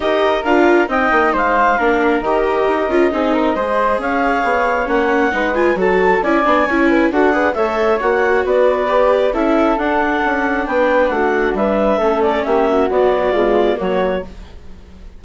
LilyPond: <<
  \new Staff \with { instrumentName = "clarinet" } { \time 4/4 \tempo 4 = 135 dis''4 f''4 g''4 f''4~ | f''4 dis''2.~ | dis''4 f''2 fis''4~ | fis''8 gis''8 a''4 gis''2 |
fis''4 e''4 fis''4 d''4~ | d''4 e''4 fis''2 | g''4 fis''4 e''4. d''8 | e''4 d''2 cis''4 | }
  \new Staff \with { instrumentName = "flute" } { \time 4/4 ais'2 dis''4 c''4 | ais'2. gis'8 ais'8 | c''4 cis''2. | b'4 a'4 d''4 cis''8 b'8 |
a'8 b'8 cis''2 b'4~ | b'4 a'2. | b'4 fis'4 b'4 a'4 | g'8 fis'4. f'4 fis'4 | }
  \new Staff \with { instrumentName = "viola" } { \time 4/4 g'4 f'4 dis'2 | d'4 g'4. f'8 dis'4 | gis'2. cis'4 | dis'8 f'8 fis'4 e'8 d'8 e'4 |
fis'8 gis'8 a'4 fis'2 | g'4 e'4 d'2~ | d'2. cis'4~ | cis'4 fis4 gis4 ais4 | }
  \new Staff \with { instrumentName = "bassoon" } { \time 4/4 dis'4 d'4 c'8 ais8 gis4 | ais4 dis4 dis'8 cis'8 c'4 | gis4 cis'4 b4 ais4 | gis4 fis4 cis'8 b8 cis'4 |
d'4 a4 ais4 b4~ | b4 cis'4 d'4 cis'4 | b4 a4 g4 a4 | ais4 b4 b,4 fis4 | }
>>